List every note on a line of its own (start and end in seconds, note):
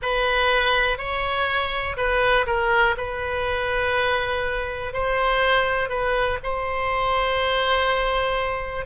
0.01 0.98 B4
0.98 1.96 C#5
1.97 2.46 B4
2.46 2.95 A#4
2.97 4.93 B4
4.93 5.89 C5
5.89 6.38 B4
6.43 8.85 C5